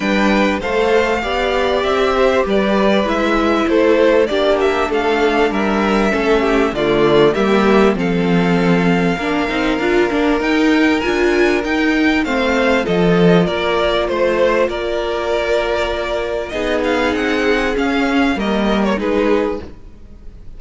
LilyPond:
<<
  \new Staff \with { instrumentName = "violin" } { \time 4/4 \tempo 4 = 98 g''4 f''2 e''4 | d''4 e''4 c''4 d''8 e''8 | f''4 e''2 d''4 | e''4 f''2.~ |
f''4 g''4 gis''4 g''4 | f''4 dis''4 d''4 c''4 | d''2. dis''8 f''8 | fis''4 f''4 dis''8. cis''16 b'4 | }
  \new Staff \with { instrumentName = "violin" } { \time 4/4 b'4 c''4 d''4. c''8 | b'2 a'4 g'4 | a'4 ais'4 a'8 g'8 f'4 | g'4 a'2 ais'4~ |
ais'1 | c''4 a'4 ais'4 c''4 | ais'2. gis'4~ | gis'2 ais'4 gis'4 | }
  \new Staff \with { instrumentName = "viola" } { \time 4/4 d'4 a'4 g'2~ | g'4 e'2 d'4~ | d'2 cis'4 a4 | ais4 c'2 d'8 dis'8 |
f'8 d'8 dis'4 f'4 dis'4 | c'4 f'2.~ | f'2. dis'4~ | dis'4 cis'4 ais4 dis'4 | }
  \new Staff \with { instrumentName = "cello" } { \time 4/4 g4 a4 b4 c'4 | g4 gis4 a4 ais4 | a4 g4 a4 d4 | g4 f2 ais8 c'8 |
d'8 ais8 dis'4 d'4 dis'4 | a4 f4 ais4 a4 | ais2. b4 | c'4 cis'4 g4 gis4 | }
>>